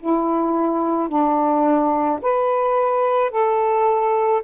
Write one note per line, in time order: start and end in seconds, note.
0.00 1.09 E4
1.09 2.20 D4
2.22 3.31 B4
3.31 4.42 A4